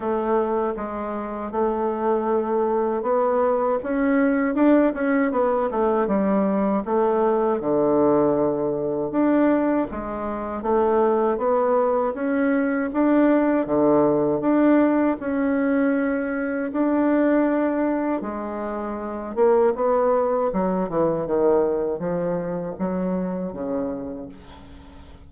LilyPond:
\new Staff \with { instrumentName = "bassoon" } { \time 4/4 \tempo 4 = 79 a4 gis4 a2 | b4 cis'4 d'8 cis'8 b8 a8 | g4 a4 d2 | d'4 gis4 a4 b4 |
cis'4 d'4 d4 d'4 | cis'2 d'2 | gis4. ais8 b4 fis8 e8 | dis4 f4 fis4 cis4 | }